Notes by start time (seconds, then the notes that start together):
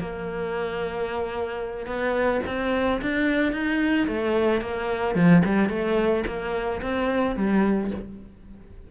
0.00 A#3
1.86 B3
2.46 C4
3.02 D4
3.53 D#4
4.08 A3
4.61 A#3
5.15 F3
5.45 G3
5.69 A3
6.27 A#3
6.82 C4
7.36 G3